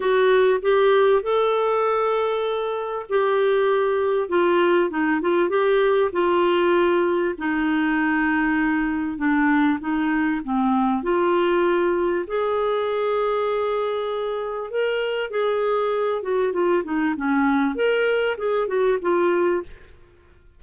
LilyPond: \new Staff \with { instrumentName = "clarinet" } { \time 4/4 \tempo 4 = 98 fis'4 g'4 a'2~ | a'4 g'2 f'4 | dis'8 f'8 g'4 f'2 | dis'2. d'4 |
dis'4 c'4 f'2 | gis'1 | ais'4 gis'4. fis'8 f'8 dis'8 | cis'4 ais'4 gis'8 fis'8 f'4 | }